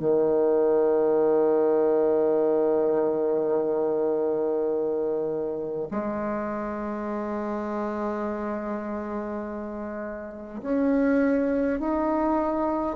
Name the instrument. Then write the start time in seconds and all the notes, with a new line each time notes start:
bassoon
0.00 D#3
5.91 G#3
10.63 C#4
11.80 D#4